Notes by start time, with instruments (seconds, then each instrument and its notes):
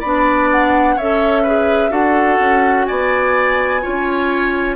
0.00 bassoon B3, clarinet D4, oboe D5, flute B5
0.51 flute F#5
0.96 bassoon C#4, clarinet A4, oboe C#5, flute E5
1.43 clarinet G#4, oboe B4
1.90 bassoon D4, clarinet F#4, oboe A4, flute F#5
2.39 bassoon C#4
2.85 bassoon B3, oboe D5, flute G#5
3.82 bassoon C#4, clarinet F4, oboe C#5